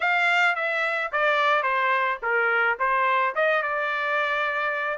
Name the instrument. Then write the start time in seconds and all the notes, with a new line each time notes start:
trumpet
0.00 F5
0.55 E5
1.12 D5
1.63 C5
2.22 A#4
2.79 C5
3.35 D#5
3.62 D5